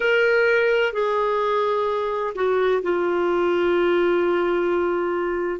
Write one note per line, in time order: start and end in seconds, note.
0.00 0.92 A#4
0.92 2.33 G#4
2.35 2.82 F#4
2.83 5.60 F4